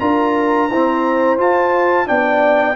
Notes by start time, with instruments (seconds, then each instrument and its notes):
0.00 tuba D4, trombone F4, horn A#4, trumpet A#5
0.69 trombone C4, tuba E4, horn C5
1.37 trombone F4, tuba F4, trumpet A5
2.06 tuba B3, trombone D4, horn D5, trumpet G5